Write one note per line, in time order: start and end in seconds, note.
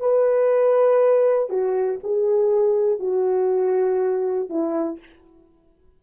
0.00 1.49 B4
1.49 1.99 F#4
2.04 3.00 G#4
3.00 4.50 F#4
4.50 5.00 E4